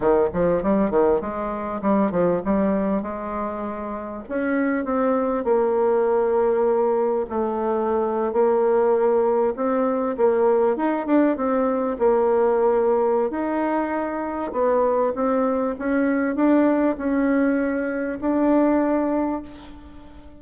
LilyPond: \new Staff \with { instrumentName = "bassoon" } { \time 4/4 \tempo 4 = 99 dis8 f8 g8 dis8 gis4 g8 f8 | g4 gis2 cis'4 | c'4 ais2. | a4.~ a16 ais2 c'16~ |
c'8. ais4 dis'8 d'8 c'4 ais16~ | ais2 dis'2 | b4 c'4 cis'4 d'4 | cis'2 d'2 | }